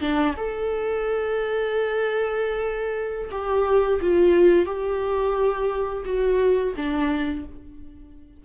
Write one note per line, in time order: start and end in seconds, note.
0.00 0.34 D4
0.36 3.29 A4
3.31 4.00 G4
4.01 4.65 F4
4.65 6.03 G4
6.05 6.74 F#4
6.76 7.45 D4